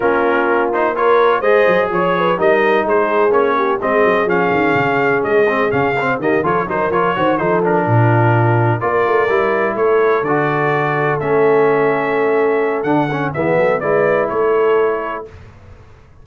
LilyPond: <<
  \new Staff \with { instrumentName = "trumpet" } { \time 4/4 \tempo 4 = 126 ais'4. c''8 cis''4 dis''4 | cis''4 dis''4 c''4 cis''4 | dis''4 f''2 dis''4 | f''4 dis''8 cis''8 c''8 cis''4 c''8 |
ais'2~ ais'8 d''4.~ | d''8 cis''4 d''2 e''8~ | e''2. fis''4 | e''4 d''4 cis''2 | }
  \new Staff \with { instrumentName = "horn" } { \time 4/4 f'2 ais'4 c''4 | cis''8 b'8 ais'4 gis'4. g'8 | gis'1~ | gis'4 g'8 a'8 ais'4 c''8 a'8~ |
a'8 f'2 ais'4.~ | ais'8 a'2.~ a'8~ | a'1 | gis'8 a'8 b'4 a'2 | }
  \new Staff \with { instrumentName = "trombone" } { \time 4/4 cis'4. dis'8 f'4 gis'4~ | gis'4 dis'2 cis'4 | c'4 cis'2~ cis'8 c'8 | cis'8 c'8 ais8 f'8 dis'8 f'8 fis'8 dis'8 |
d'2~ d'8 f'4 e'8~ | e'4. fis'2 cis'8~ | cis'2. d'8 cis'8 | b4 e'2. | }
  \new Staff \with { instrumentName = "tuba" } { \time 4/4 ais2. gis8 fis8 | f4 g4 gis4 ais4 | gis8 fis8 f8 dis8 cis4 gis4 | cis4 dis8 f8 fis8 f8 dis8 f8~ |
f8 ais,2 ais8 a8 g8~ | g8 a4 d2 a8~ | a2. d4 | e8 fis8 gis4 a2 | }
>>